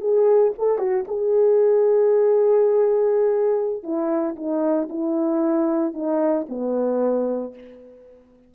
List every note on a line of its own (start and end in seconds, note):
0.00 0.53 G#4
0.58 0.78 A4
0.78 1.05 F#4
1.08 3.83 G#4
3.83 4.35 E4
4.36 4.88 D#4
4.89 5.94 E4
5.94 6.46 D#4
6.49 7.54 B3